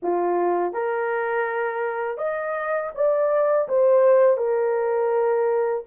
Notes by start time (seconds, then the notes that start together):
0.02 F4
0.73 A#4
2.17 D#5
2.94 D5
3.68 C5
4.37 A#4